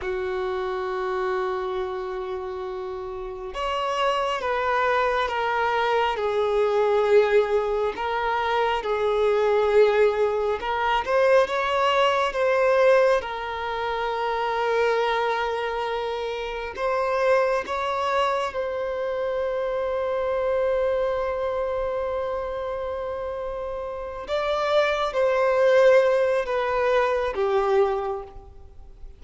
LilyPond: \new Staff \with { instrumentName = "violin" } { \time 4/4 \tempo 4 = 68 fis'1 | cis''4 b'4 ais'4 gis'4~ | gis'4 ais'4 gis'2 | ais'8 c''8 cis''4 c''4 ais'4~ |
ais'2. c''4 | cis''4 c''2.~ | c''2.~ c''8 d''8~ | d''8 c''4. b'4 g'4 | }